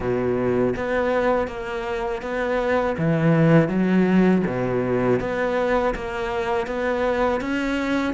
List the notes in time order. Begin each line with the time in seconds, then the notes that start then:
0.00 B2
0.76 B3
1.47 A#3
2.22 B3
2.98 E3
3.68 F#3
4.46 B2
5.20 B3
5.95 A#3
6.67 B3
7.40 C#4